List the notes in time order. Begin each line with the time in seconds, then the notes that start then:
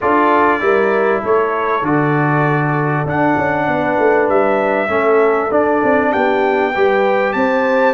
0.01 D4 F4 A4 D5
0.60 G3 E4 A#4
1.20 A3 A4 C#5
1.82 D3 F#4 D5
3.05 D4 F#5
3.36 C#4
3.67 B3 B4
3.98 A3
4.28 G3 E5
4.88 A3 C#4 A4
5.51 D4 D5
5.83 C4
6.11 B3 G4 G5
6.73 G3 G4 B4
7.33 C4 C5 A5